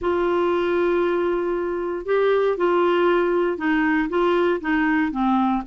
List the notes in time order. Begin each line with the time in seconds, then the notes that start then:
0.01 F4
2.05 G4
2.57 F4
3.57 D#4
4.09 F4
4.60 D#4
5.11 C4